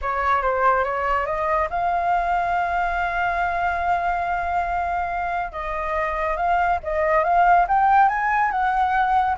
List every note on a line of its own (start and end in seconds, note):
0.01 0.42 C#5
0.42 0.84 C5
0.84 1.26 C#5
1.26 1.68 D#5
1.70 5.51 F5
5.51 6.36 D#5
6.36 6.79 F5
6.83 7.23 D#5
7.23 7.66 F5
7.68 8.09 G5
8.09 8.51 G#5
8.51 9.36 F#5